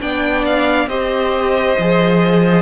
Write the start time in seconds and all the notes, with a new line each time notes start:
0.00 B3 D4 D5 G5
0.45 F5
0.87 C4 G4 C5 D#5
1.78 F3 G#4